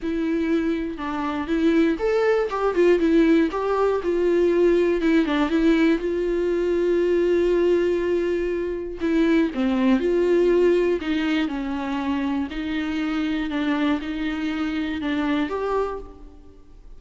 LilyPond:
\new Staff \with { instrumentName = "viola" } { \time 4/4 \tempo 4 = 120 e'2 d'4 e'4 | a'4 g'8 f'8 e'4 g'4 | f'2 e'8 d'8 e'4 | f'1~ |
f'2 e'4 c'4 | f'2 dis'4 cis'4~ | cis'4 dis'2 d'4 | dis'2 d'4 g'4 | }